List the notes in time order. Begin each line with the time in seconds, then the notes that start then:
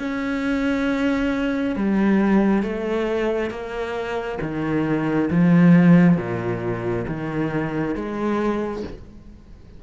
0.00 C#4
1.76 G3
2.63 A3
3.51 A#3
4.42 D#3
5.31 F3
6.17 A#2
7.07 D#3
7.96 G#3